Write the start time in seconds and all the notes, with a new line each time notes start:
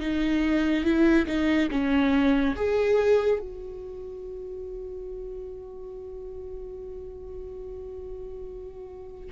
0.00 D#4
0.84 E4
1.26 D#4
1.71 C#4
2.55 G#4
3.39 F#4